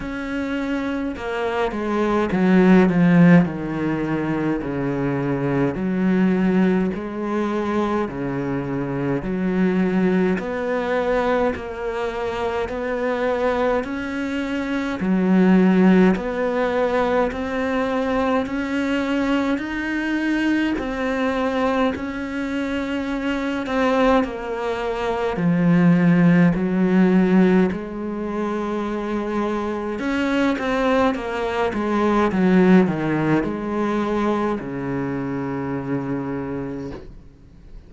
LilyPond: \new Staff \with { instrumentName = "cello" } { \time 4/4 \tempo 4 = 52 cis'4 ais8 gis8 fis8 f8 dis4 | cis4 fis4 gis4 cis4 | fis4 b4 ais4 b4 | cis'4 fis4 b4 c'4 |
cis'4 dis'4 c'4 cis'4~ | cis'8 c'8 ais4 f4 fis4 | gis2 cis'8 c'8 ais8 gis8 | fis8 dis8 gis4 cis2 | }